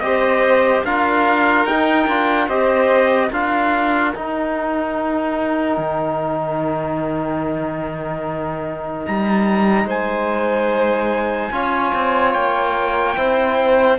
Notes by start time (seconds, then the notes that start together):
0.00 C4 G4 C5 D#5
0.84 D4 F4 A#4 F5
1.65 D#4 G5
2.07 D4 F4
2.48 C4 G4 C5 D#5
3.28 D4 F4 A#4 F5
4.14 D#4 G5
5.78 D#3
9.06 G3 A#5
9.85 G#3 C5 G#5
11.52 C#4 F4 C#5
11.94 C4
12.33 A#3 G5
13.17 C4 E4 C5